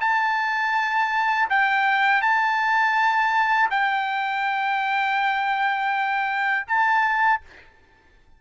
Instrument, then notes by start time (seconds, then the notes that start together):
trumpet
0.00 A5
1.49 G5
2.21 A5
3.70 G5
6.67 A5